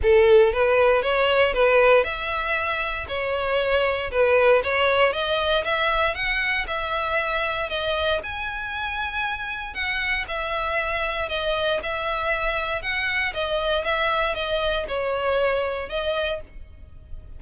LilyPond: \new Staff \with { instrumentName = "violin" } { \time 4/4 \tempo 4 = 117 a'4 b'4 cis''4 b'4 | e''2 cis''2 | b'4 cis''4 dis''4 e''4 | fis''4 e''2 dis''4 |
gis''2. fis''4 | e''2 dis''4 e''4~ | e''4 fis''4 dis''4 e''4 | dis''4 cis''2 dis''4 | }